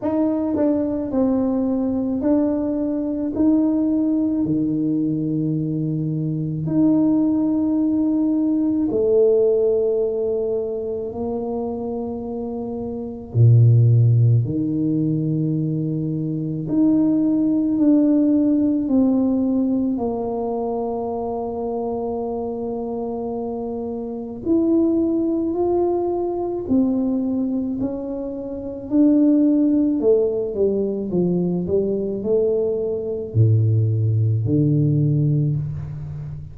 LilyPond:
\new Staff \with { instrumentName = "tuba" } { \time 4/4 \tempo 4 = 54 dis'8 d'8 c'4 d'4 dis'4 | dis2 dis'2 | a2 ais2 | ais,4 dis2 dis'4 |
d'4 c'4 ais2~ | ais2 e'4 f'4 | c'4 cis'4 d'4 a8 g8 | f8 g8 a4 a,4 d4 | }